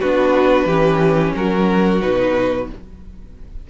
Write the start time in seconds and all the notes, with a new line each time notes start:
0.00 B3 D4 F#4 B4
0.65 E3 C#4 G4
1.35 F#3 F#4 A#4
2.01 B2 D#4 B4